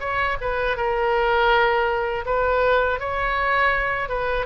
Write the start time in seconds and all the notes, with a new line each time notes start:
0.00 C#5
0.41 B4
0.77 A#4
2.25 B4
2.99 C#5
4.09 B4